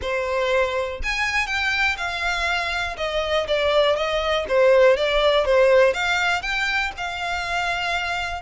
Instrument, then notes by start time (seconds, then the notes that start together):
violin
0.01 C5
1.03 G#5
1.46 G5
1.97 F5
2.97 D#5
3.47 D5
3.96 D#5
4.48 C5
4.97 D5
5.45 C5
5.93 F5
6.41 G5
6.97 F5